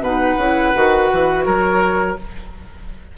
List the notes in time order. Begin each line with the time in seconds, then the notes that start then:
0.00 B2 D#4 B4 F#5
0.37 C#3 E4
0.75 D#3 F#4
1.12 E3
1.45 F#3 A#4 C#5